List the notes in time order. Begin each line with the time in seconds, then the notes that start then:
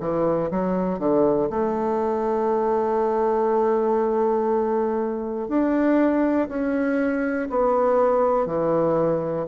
0.00 E3
0.50 F#3
0.99 D3
1.50 A3
5.48 D4
6.49 C#4
7.50 B3
8.46 E3